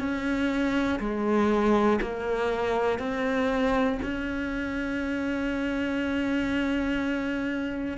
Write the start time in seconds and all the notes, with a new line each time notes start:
0.00 C#4
1.00 G#3
2.02 A#3
2.99 C4
4.03 C#4